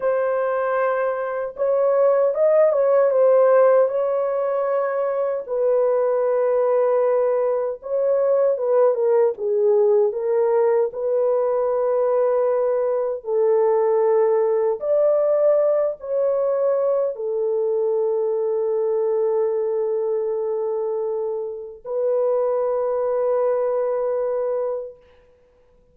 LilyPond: \new Staff \with { instrumentName = "horn" } { \time 4/4 \tempo 4 = 77 c''2 cis''4 dis''8 cis''8 | c''4 cis''2 b'4~ | b'2 cis''4 b'8 ais'8 | gis'4 ais'4 b'2~ |
b'4 a'2 d''4~ | d''8 cis''4. a'2~ | a'1 | b'1 | }